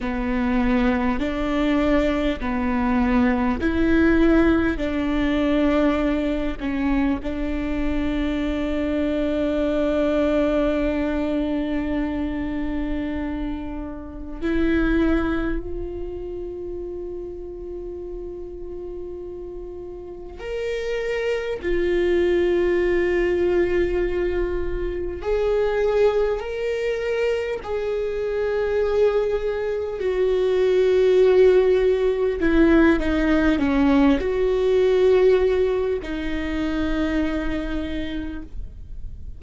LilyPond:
\new Staff \with { instrumentName = "viola" } { \time 4/4 \tempo 4 = 50 b4 d'4 b4 e'4 | d'4. cis'8 d'2~ | d'1 | e'4 f'2.~ |
f'4 ais'4 f'2~ | f'4 gis'4 ais'4 gis'4~ | gis'4 fis'2 e'8 dis'8 | cis'8 fis'4. dis'2 | }